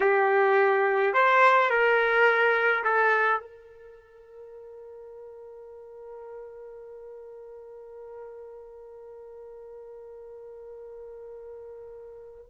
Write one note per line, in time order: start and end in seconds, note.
0.00 1.13 G4
1.13 1.70 C5
1.70 2.83 A#4
2.84 3.40 A4
3.40 12.46 A#4